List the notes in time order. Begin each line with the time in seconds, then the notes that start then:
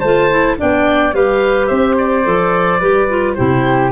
0.00 A3 F4 C5 A5
0.30 E4
0.57 B3 D4 D5 G5
1.13 G3 G4 B4 F5
1.67 C4 C5 E5
1.98 D5
2.24 F3 A4
2.80 G3 G4 B4
3.09 F4
3.34 C3 E4 G4 C5